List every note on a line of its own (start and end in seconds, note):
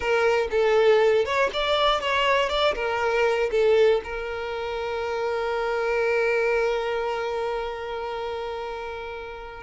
0.00 0.47 A#4
0.50 1.25 A4
1.25 1.50 C#5
1.53 2.00 D5
2.00 2.49 C#5
2.49 2.74 D5
2.75 3.50 A#4
3.51 4.01 A4
4.04 9.62 A#4